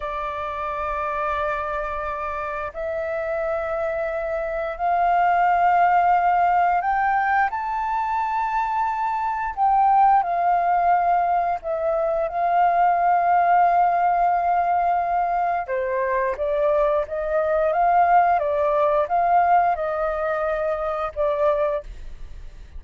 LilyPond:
\new Staff \with { instrumentName = "flute" } { \time 4/4 \tempo 4 = 88 d''1 | e''2. f''4~ | f''2 g''4 a''4~ | a''2 g''4 f''4~ |
f''4 e''4 f''2~ | f''2. c''4 | d''4 dis''4 f''4 d''4 | f''4 dis''2 d''4 | }